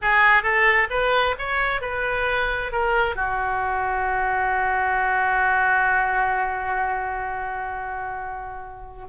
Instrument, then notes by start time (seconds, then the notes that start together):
oboe
0.01 G#4
0.42 A4
0.90 B4
1.38 C#5
1.81 B4
2.71 A#4
3.15 F#4